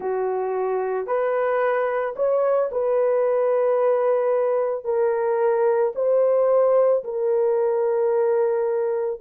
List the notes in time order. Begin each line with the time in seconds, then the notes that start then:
0.00 F#4
1.06 B4
2.15 C#5
2.71 B4
4.84 A#4
5.95 C5
7.04 A#4